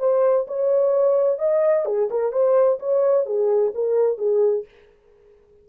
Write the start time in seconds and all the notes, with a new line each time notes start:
0.00 C5
0.48 C#5
1.39 D#5
1.86 G#4
2.11 A#4
2.32 C5
2.80 C#5
3.26 G#4
3.75 A#4
4.18 G#4